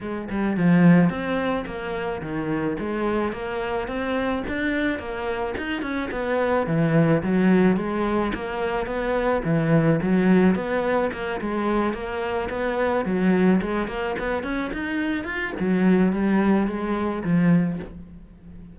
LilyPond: \new Staff \with { instrumentName = "cello" } { \time 4/4 \tempo 4 = 108 gis8 g8 f4 c'4 ais4 | dis4 gis4 ais4 c'4 | d'4 ais4 dis'8 cis'8 b4 | e4 fis4 gis4 ais4 |
b4 e4 fis4 b4 | ais8 gis4 ais4 b4 fis8~ | fis8 gis8 ais8 b8 cis'8 dis'4 f'8 | fis4 g4 gis4 f4 | }